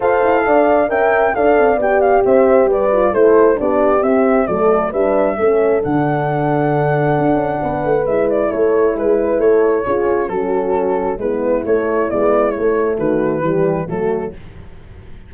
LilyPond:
<<
  \new Staff \with { instrumentName = "flute" } { \time 4/4 \tempo 4 = 134 f''2 g''4 f''4 | g''8 f''8 e''4 d''4 c''4 | d''4 e''4 d''4 e''4~ | e''4 fis''2.~ |
fis''2 e''8 d''8 cis''4 | b'4 cis''2 a'4~ | a'4 b'4 cis''4 d''4 | cis''4 b'2 a'4 | }
  \new Staff \with { instrumentName = "horn" } { \time 4/4 c''4 d''4 e''4 d''4~ | d''4 c''4 b'4 a'4 | g'2 a'4 b'4 | a'1~ |
a'4 b'2 a'4 | gis'8 b'8 a'4 gis'4 fis'4~ | fis'4 e'2.~ | e'4 fis'4 g'4 fis'4 | }
  \new Staff \with { instrumentName = "horn" } { \time 4/4 a'2 ais'4 a'4 | g'2~ g'8 f'8 e'4 | d'4 c'4 a4 d'4 | cis'4 d'2.~ |
d'2 e'2~ | e'2 f'4 cis'4~ | cis'4 b4 a4 b4 | a2 g4 a4 | }
  \new Staff \with { instrumentName = "tuba" } { \time 4/4 f'8 e'8 d'4 cis'4 d'8 c'8 | b4 c'4 g4 a4 | b4 c'4 fis4 g4 | a4 d2. |
d'8 cis'8 b8 a8 gis4 a4 | gis4 a4 cis'4 fis4~ | fis4 gis4 a4 gis4 | a4 dis4 e4 fis4 | }
>>